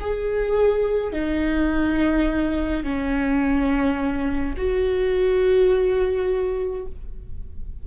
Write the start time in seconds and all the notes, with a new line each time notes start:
0.00 G#4
1.12 D#4
2.83 C#4
4.57 F#4